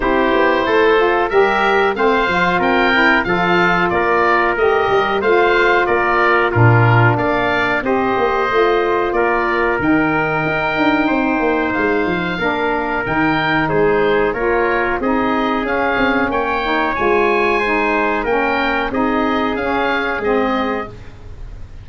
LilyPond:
<<
  \new Staff \with { instrumentName = "oboe" } { \time 4/4 \tempo 4 = 92 c''2 e''4 f''4 | g''4 f''4 d''4 dis''4 | f''4 d''4 ais'4 f''4 | dis''2 d''4 g''4~ |
g''2 f''2 | g''4 c''4 cis''4 dis''4 | f''4 g''4 gis''2 | g''4 dis''4 f''4 dis''4 | }
  \new Staff \with { instrumentName = "trumpet" } { \time 4/4 g'4 a'4 ais'4 c''4 | ais'4 a'4 ais'2 | c''4 ais'4 f'4 d''4 | c''2 ais'2~ |
ais'4 c''2 ais'4~ | ais'4 gis'4 ais'4 gis'4~ | gis'4 cis''2 c''4 | ais'4 gis'2. | }
  \new Staff \with { instrumentName = "saxophone" } { \time 4/4 e'4. f'8 g'4 c'8 f'8~ | f'8 e'8 f'2 g'4 | f'2 d'2 | g'4 f'2 dis'4~ |
dis'2. d'4 | dis'2 f'4 dis'4 | cis'4. dis'8 f'4 dis'4 | cis'4 dis'4 cis'4 c'4 | }
  \new Staff \with { instrumentName = "tuba" } { \time 4/4 c'8 b8 a4 g4 a8 f8 | c'4 f4 ais4 a8 g8 | a4 ais4 ais,4 ais4 | c'8 ais8 a4 ais4 dis4 |
dis'8 d'8 c'8 ais8 gis8 f8 ais4 | dis4 gis4 ais4 c'4 | cis'8 c'8 ais4 gis2 | ais4 c'4 cis'4 gis4 | }
>>